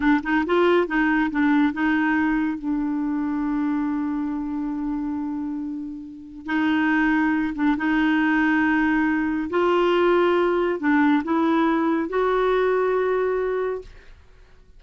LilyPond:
\new Staff \with { instrumentName = "clarinet" } { \time 4/4 \tempo 4 = 139 d'8 dis'8 f'4 dis'4 d'4 | dis'2 d'2~ | d'1~ | d'2. dis'4~ |
dis'4. d'8 dis'2~ | dis'2 f'2~ | f'4 d'4 e'2 | fis'1 | }